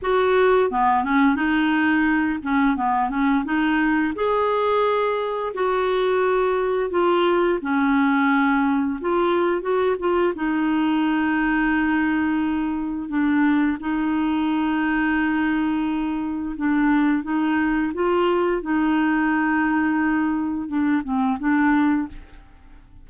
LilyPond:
\new Staff \with { instrumentName = "clarinet" } { \time 4/4 \tempo 4 = 87 fis'4 b8 cis'8 dis'4. cis'8 | b8 cis'8 dis'4 gis'2 | fis'2 f'4 cis'4~ | cis'4 f'4 fis'8 f'8 dis'4~ |
dis'2. d'4 | dis'1 | d'4 dis'4 f'4 dis'4~ | dis'2 d'8 c'8 d'4 | }